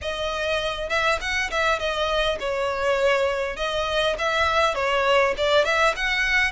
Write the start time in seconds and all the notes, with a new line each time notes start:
0.01 D#5
0.89 E5
1.20 F#5
1.50 E5
1.79 D#5
2.39 C#5
3.56 D#5
4.18 E5
4.74 C#5
5.37 D5
5.64 E5
5.95 F#5